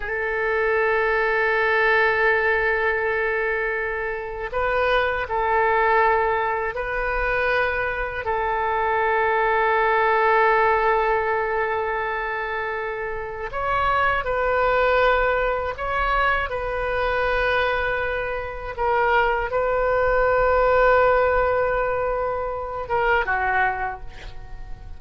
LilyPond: \new Staff \with { instrumentName = "oboe" } { \time 4/4 \tempo 4 = 80 a'1~ | a'2 b'4 a'4~ | a'4 b'2 a'4~ | a'1~ |
a'2 cis''4 b'4~ | b'4 cis''4 b'2~ | b'4 ais'4 b'2~ | b'2~ b'8 ais'8 fis'4 | }